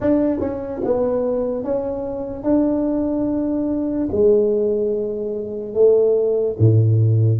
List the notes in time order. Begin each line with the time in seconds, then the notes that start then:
0.00 D4
0.40 C#4
0.84 B3
1.64 C#4
2.43 D4
4.11 G#3
5.73 A3
6.58 A2